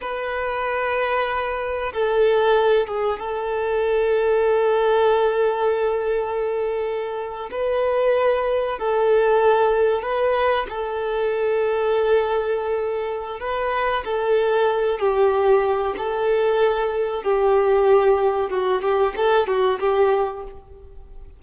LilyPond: \new Staff \with { instrumentName = "violin" } { \time 4/4 \tempo 4 = 94 b'2. a'4~ | a'8 gis'8 a'2.~ | a'2.~ a'8. b'16~ | b'4.~ b'16 a'2 b'16~ |
b'8. a'2.~ a'16~ | a'4 b'4 a'4. g'8~ | g'4 a'2 g'4~ | g'4 fis'8 g'8 a'8 fis'8 g'4 | }